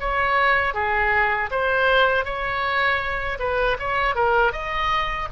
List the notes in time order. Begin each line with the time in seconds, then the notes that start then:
0.00 C#5
0.74 G#4
1.51 C5
2.25 C#5
3.39 B4
3.79 C#5
4.15 A#4
4.53 D#5